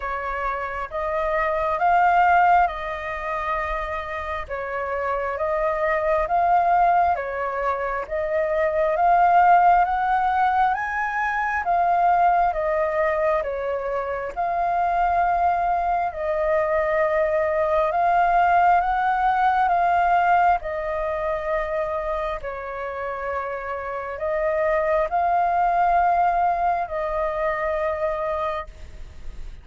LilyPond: \new Staff \with { instrumentName = "flute" } { \time 4/4 \tempo 4 = 67 cis''4 dis''4 f''4 dis''4~ | dis''4 cis''4 dis''4 f''4 | cis''4 dis''4 f''4 fis''4 | gis''4 f''4 dis''4 cis''4 |
f''2 dis''2 | f''4 fis''4 f''4 dis''4~ | dis''4 cis''2 dis''4 | f''2 dis''2 | }